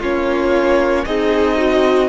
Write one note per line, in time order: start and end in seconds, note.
0.00 1.05 A#3
0.00 1.07 C#4
0.00 1.05 F4
0.00 1.05 C#5
1.05 2.09 C4
1.05 2.09 D#4
1.05 1.57 G#4
1.05 2.09 D#5
1.57 2.09 F#4